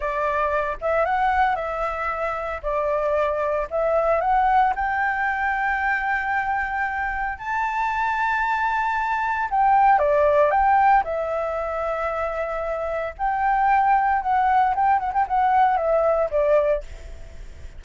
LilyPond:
\new Staff \with { instrumentName = "flute" } { \time 4/4 \tempo 4 = 114 d''4. e''8 fis''4 e''4~ | e''4 d''2 e''4 | fis''4 g''2.~ | g''2 a''2~ |
a''2 g''4 d''4 | g''4 e''2.~ | e''4 g''2 fis''4 | g''8 fis''16 g''16 fis''4 e''4 d''4 | }